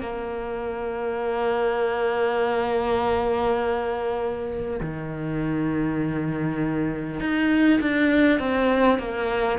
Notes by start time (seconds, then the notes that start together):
0.00 A#3
4.80 D#3
7.19 D#4
7.81 D4
8.39 C4
8.98 A#3